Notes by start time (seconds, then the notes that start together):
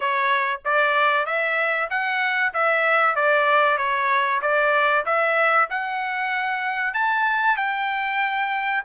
0.00 C#5
0.64 D5
1.26 E5
1.90 F#5
2.53 E5
3.16 D5
3.77 C#5
4.41 D5
5.05 E5
5.70 F#5
6.94 A5
7.56 G5